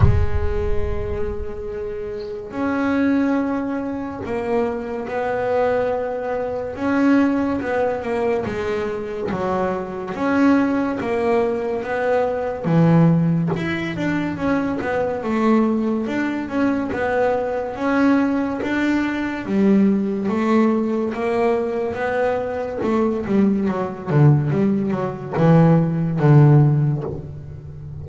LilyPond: \new Staff \with { instrumentName = "double bass" } { \time 4/4 \tempo 4 = 71 gis2. cis'4~ | cis'4 ais4 b2 | cis'4 b8 ais8 gis4 fis4 | cis'4 ais4 b4 e4 |
e'8 d'8 cis'8 b8 a4 d'8 cis'8 | b4 cis'4 d'4 g4 | a4 ais4 b4 a8 g8 | fis8 d8 g8 fis8 e4 d4 | }